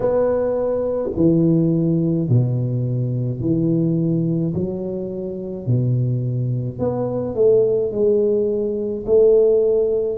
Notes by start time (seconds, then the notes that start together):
0.00 B3
1.16 E3
2.28 B2
3.40 E3
4.54 F#3
5.66 B2
6.78 B3
7.34 A3
7.91 G#3
9.06 A3